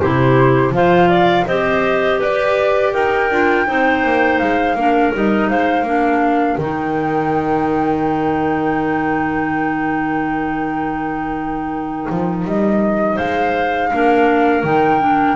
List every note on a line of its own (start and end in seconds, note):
0.00 0.70 C3
0.00 0.73 E4
0.00 0.74 G4
0.00 0.73 C5
0.70 1.44 F3
0.70 1.46 F4
0.70 1.09 C5
0.70 1.47 F5
1.09 1.46 D5
1.47 2.20 C4
1.47 3.31 G4
1.47 2.20 C5
1.47 2.20 D#5
2.20 2.94 G4
2.20 2.93 B4
2.20 2.93 D5
2.93 3.30 D#4
2.93 3.66 A#4
2.93 4.39 G5
3.30 3.67 D4
3.30 3.67 F4
3.67 4.04 C4
3.67 4.76 D#4
3.67 4.77 C5
4.04 4.40 A#3
4.39 4.75 G#3
4.39 5.12 F5
4.75 5.11 A#3
4.75 5.13 D4
4.75 5.50 A#4
5.13 5.50 G3
5.13 5.85 D#4
5.13 5.49 D#5
5.49 5.82 G#3
5.49 5.86 C5
5.49 6.57 F5
5.82 6.56 A#3
5.82 6.59 D4
5.82 13.15 A#4
6.57 12.06 D#3
6.57 13.91 D#4
6.57 12.43 G5
12.10 12.45 F3
12.45 13.18 G3
12.45 13.17 D#5
13.15 13.92 G#3
13.15 13.88 C5
13.15 14.64 F5
13.92 14.63 A#3
13.92 14.64 D4
13.92 15.36 A#4
14.63 15.36 D#3
14.63 15.01 D#4
14.63 15.36 G5
15.01 15.36 D4